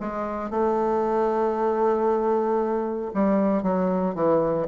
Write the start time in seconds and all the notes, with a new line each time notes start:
0.00 G#3
0.51 A3
3.14 G3
3.63 F#3
4.15 E3